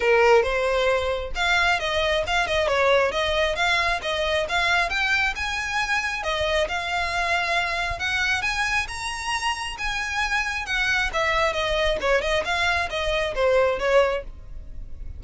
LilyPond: \new Staff \with { instrumentName = "violin" } { \time 4/4 \tempo 4 = 135 ais'4 c''2 f''4 | dis''4 f''8 dis''8 cis''4 dis''4 | f''4 dis''4 f''4 g''4 | gis''2 dis''4 f''4~ |
f''2 fis''4 gis''4 | ais''2 gis''2 | fis''4 e''4 dis''4 cis''8 dis''8 | f''4 dis''4 c''4 cis''4 | }